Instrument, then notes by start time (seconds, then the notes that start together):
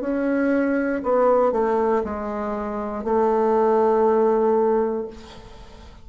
bassoon
0.00 C#4
1.03 B3
1.52 A3
2.04 G#3
3.04 A3